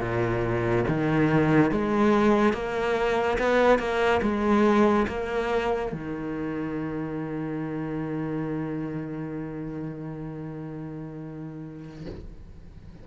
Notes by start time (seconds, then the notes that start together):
0.00 A#2
0.88 D#3
1.71 G#3
2.53 A#3
3.38 B3
3.79 A#3
4.22 G#3
5.08 A#3
5.92 D#3